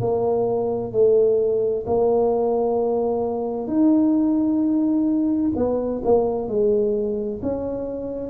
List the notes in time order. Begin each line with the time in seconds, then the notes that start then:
0.00 A#3
0.92 A3
1.86 A#3
3.67 D#4
5.55 B3
6.04 A#3
6.48 G#3
7.42 C#4